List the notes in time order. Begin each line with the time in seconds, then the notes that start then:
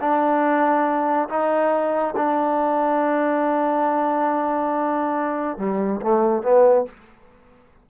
0.00 D4
1.29 D#4
2.16 D4
5.58 G3
6.02 A3
6.42 B3